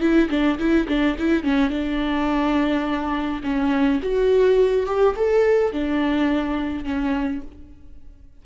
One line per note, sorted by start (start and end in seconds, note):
0.00 0.29 E4
0.29 0.58 D4
0.58 0.87 E4
0.88 1.16 D4
1.18 1.43 E4
1.43 1.70 C#4
1.70 3.41 D4
3.43 4.00 C#4
4.02 4.86 F#4
4.86 5.15 G4
5.16 5.72 A4
5.72 6.84 D4
6.84 7.41 C#4